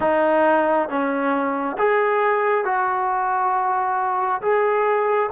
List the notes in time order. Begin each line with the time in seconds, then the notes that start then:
0.00 D#4
0.88 C#4
1.78 G#4
2.65 F#4
4.41 G#4